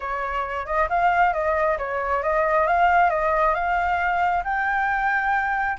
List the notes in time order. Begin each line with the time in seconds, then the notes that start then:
0.00 C#5
0.65 D#5
0.89 F5
1.33 D#5
1.78 C#5
2.22 D#5
2.66 F5
3.09 D#5
3.54 F5
4.44 G5